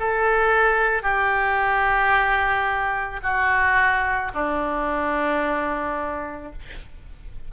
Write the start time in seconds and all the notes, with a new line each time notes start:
0.00 A4
1.03 G4
3.23 F#4
4.34 D4